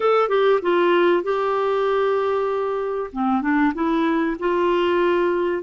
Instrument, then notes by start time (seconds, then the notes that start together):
clarinet
0.00 A4
0.28 G4
0.62 F4
1.23 G4
3.12 C4
3.41 D4
3.74 E4
4.39 F4